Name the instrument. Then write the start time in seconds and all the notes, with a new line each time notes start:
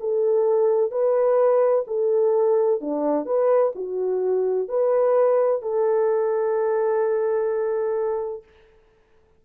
horn
0.00 A4
0.91 B4
1.87 A4
2.81 D4
3.26 B4
3.75 F#4
4.68 B4
5.62 A4